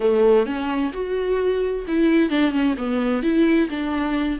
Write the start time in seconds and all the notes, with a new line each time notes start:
0.00 A3
0.46 C#4
0.92 F#4
1.87 E4
2.30 D4
2.51 C#4
2.77 B3
3.22 E4
3.69 D4